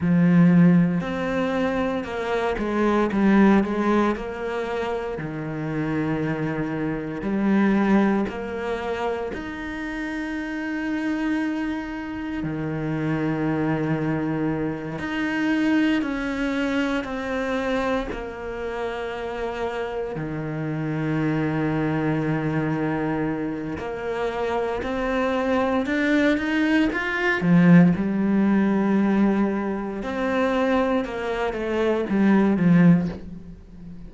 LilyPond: \new Staff \with { instrumentName = "cello" } { \time 4/4 \tempo 4 = 58 f4 c'4 ais8 gis8 g8 gis8 | ais4 dis2 g4 | ais4 dis'2. | dis2~ dis8 dis'4 cis'8~ |
cis'8 c'4 ais2 dis8~ | dis2. ais4 | c'4 d'8 dis'8 f'8 f8 g4~ | g4 c'4 ais8 a8 g8 f8 | }